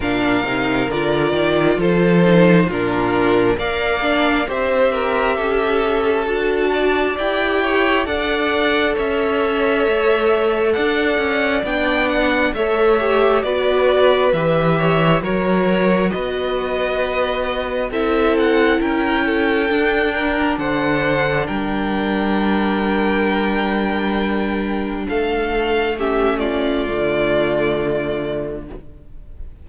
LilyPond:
<<
  \new Staff \with { instrumentName = "violin" } { \time 4/4 \tempo 4 = 67 f''4 d''4 c''4 ais'4 | f''4 e''2 a''4 | g''4 fis''4 e''2 | fis''4 g''8 fis''8 e''4 d''4 |
e''4 cis''4 dis''2 | e''8 fis''8 g''2 fis''4 | g''1 | f''4 e''8 d''2~ d''8 | }
  \new Staff \with { instrumentName = "violin" } { \time 4/4 ais'2 a'4 f'4 | d''4 c''8 ais'8 a'4. d''8~ | d''8 cis''8 d''4 cis''2 | d''2 cis''4 b'4~ |
b'8 cis''8 ais'4 b'2 | a'4 ais'8 a'4 ais'8 c''4 | ais'1 | a'4 g'8 f'2~ f'8 | }
  \new Staff \with { instrumentName = "viola" } { \time 4/4 d'8 dis'8 f'4. dis'8 d'4 | ais'8 d'8 g'2 fis'4 | g'4 a'2.~ | a'4 d'4 a'8 g'8 fis'4 |
g'4 fis'2. | e'2 d'2~ | d'1~ | d'4 cis'4 a2 | }
  \new Staff \with { instrumentName = "cello" } { \time 4/4 ais,8 c8 d8 dis8 f4 ais,4 | ais4 c'4 cis'4 d'4 | e'4 d'4 cis'4 a4 | d'8 cis'8 b4 a4 b4 |
e4 fis4 b2 | c'4 cis'4 d'4 d4 | g1 | a2 d2 | }
>>